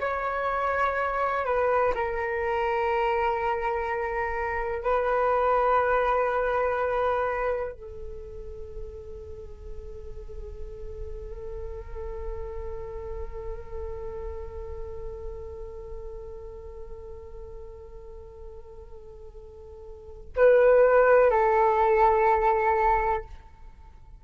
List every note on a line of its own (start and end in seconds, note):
0.00 1.45 C#5
1.45 1.94 B4
1.95 4.83 A#4
4.83 7.72 B4
7.72 20.30 A4
20.36 21.31 B4
21.31 23.24 A4